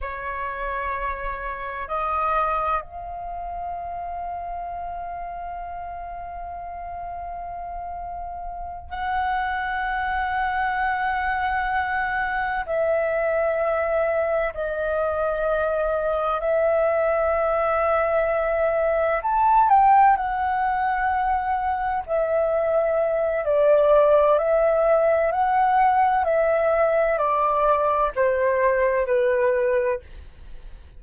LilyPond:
\new Staff \with { instrumentName = "flute" } { \time 4/4 \tempo 4 = 64 cis''2 dis''4 f''4~ | f''1~ | f''4. fis''2~ fis''8~ | fis''4. e''2 dis''8~ |
dis''4. e''2~ e''8~ | e''8 a''8 g''8 fis''2 e''8~ | e''4 d''4 e''4 fis''4 | e''4 d''4 c''4 b'4 | }